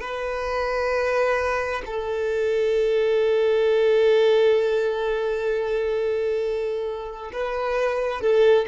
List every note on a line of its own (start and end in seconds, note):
0.00 1.82 B4
1.86 7.31 A4
7.32 8.21 B4
8.21 8.66 A4